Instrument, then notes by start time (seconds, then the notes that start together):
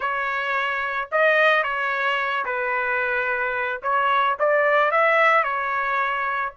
trumpet
0.00 C#5
1.11 D#5
1.63 C#5
2.45 B4
3.82 C#5
4.39 D5
4.91 E5
5.43 C#5